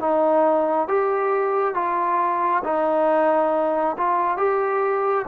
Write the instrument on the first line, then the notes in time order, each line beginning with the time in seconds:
trombone
0.00 D#4
0.88 G4
1.75 F4
2.65 D#4
3.98 F4
4.38 G4